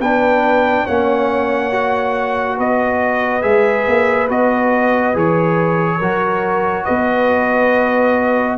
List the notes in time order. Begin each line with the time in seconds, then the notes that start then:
0.00 B3 D4 B4 G5
0.85 A#3 C#4 C#5 F#5
1.72 F#4
2.57 B3 B4 D#5
3.42 G#3 G#4 E5
3.87 A#3
4.29 B3 F#4 D#5
5.14 E3 G#4 C#5
5.99 F#3 F#4 A#4
6.85 B3 B4 D#5